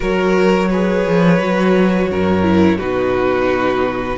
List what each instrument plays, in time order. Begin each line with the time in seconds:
0.00 cello F#3, viola F#4, violin A#4 C#5
0.69 viola G#4, violin B4
1.07 cello F3
1.39 cello F#3, viola F#4
2.10 cello F#2, violin A#4
2.42 viola E4
2.77 cello B2, viola D#4, violin F#4 B4